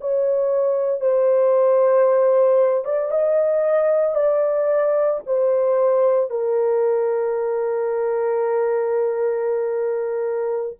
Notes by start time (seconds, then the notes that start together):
0.00 C#5
1.00 C5
2.84 D5
3.11 D#5
4.14 D5
5.26 C5
6.30 A#4